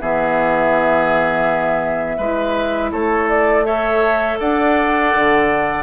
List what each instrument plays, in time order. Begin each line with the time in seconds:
0.00 bassoon E3, clarinet B3, oboe G#4, flute E5
2.18 bassoon G#3, clarinet E4, oboe B4
2.92 bassoon A3, oboe A4, flute C#5
3.29 flute D5
3.65 clarinet A4, oboe C#5, flute E5
4.40 bassoon D4, oboe D5, flute F#5
5.15 bassoon D3